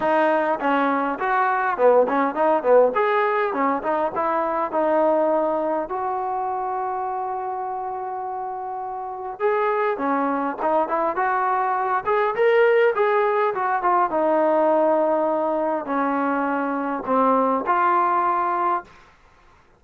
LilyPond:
\new Staff \with { instrumentName = "trombone" } { \time 4/4 \tempo 4 = 102 dis'4 cis'4 fis'4 b8 cis'8 | dis'8 b8 gis'4 cis'8 dis'8 e'4 | dis'2 fis'2~ | fis'1 |
gis'4 cis'4 dis'8 e'8 fis'4~ | fis'8 gis'8 ais'4 gis'4 fis'8 f'8 | dis'2. cis'4~ | cis'4 c'4 f'2 | }